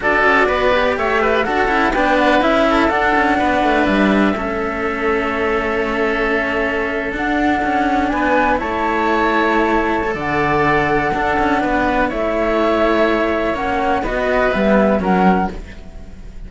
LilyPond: <<
  \new Staff \with { instrumentName = "flute" } { \time 4/4 \tempo 4 = 124 d''2 e''4 fis''4 | g''8 fis''8 e''4 fis''2 | e''1~ | e''2~ e''8. fis''4~ fis''16~ |
fis''8. gis''4 a''2~ a''16~ | a''4 fis''2.~ | fis''4 e''2. | fis''4 dis''4 e''4 fis''4 | }
  \new Staff \with { instrumentName = "oboe" } { \time 4/4 a'4 b'4 cis''8 b'8 a'4 | b'4. a'4. b'4~ | b'4 a'2.~ | a'1~ |
a'8. b'4 cis''2~ cis''16~ | cis''4 d''2 a'4 | b'4 cis''2.~ | cis''4 b'2 ais'4 | }
  \new Staff \with { instrumentName = "cello" } { \time 4/4 fis'4. g'4. fis'8 e'8 | d'4 e'4 d'2~ | d'4 cis'2.~ | cis'2~ cis'8. d'4~ d'16~ |
d'4.~ d'16 e'2~ e'16~ | e'8. a'2~ a'16 d'4~ | d'4 e'2. | cis'4 fis'4 b4 cis'4 | }
  \new Staff \with { instrumentName = "cello" } { \time 4/4 d'8 cis'8 b4 a4 d'8 cis'8 | b4 cis'4 d'8 cis'8 b8 a8 | g4 a2.~ | a2~ a8. d'4 cis'16~ |
cis'8. b4 a2~ a16~ | a4 d2 d'8 cis'8 | b4 a2. | ais4 b4 g4 fis4 | }
>>